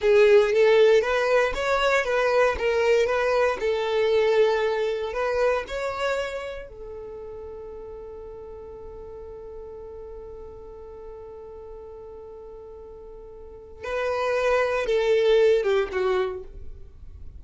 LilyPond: \new Staff \with { instrumentName = "violin" } { \time 4/4 \tempo 4 = 117 gis'4 a'4 b'4 cis''4 | b'4 ais'4 b'4 a'4~ | a'2 b'4 cis''4~ | cis''4 a'2.~ |
a'1~ | a'1~ | a'2. b'4~ | b'4 a'4. g'8 fis'4 | }